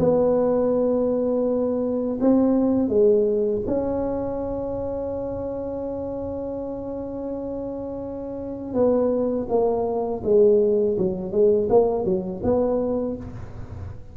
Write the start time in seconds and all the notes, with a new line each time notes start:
0.00 B3
2.21 C4
2.89 G#3
3.67 C#4
8.74 B3
9.50 A#3
10.24 G#3
10.99 F#3
11.32 G#3
11.70 A#3
12.05 F#3
12.44 B3